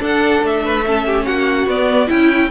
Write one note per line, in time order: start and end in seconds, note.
0.00 0.83 D4
0.00 0.43 D4
0.00 0.64 A4
0.00 0.46 F#5
0.43 1.26 A3
0.43 1.26 E5
0.65 0.85 B4
0.86 1.70 C#4
0.86 1.07 A4
1.07 1.26 G4
1.26 1.67 A#3
1.26 2.09 F#4
1.26 1.67 F#5
1.67 2.09 B3
1.67 2.07 B3
1.67 2.10 D5
2.07 2.51 C#4
2.07 2.49 E4
2.07 2.51 E4
2.07 2.51 G5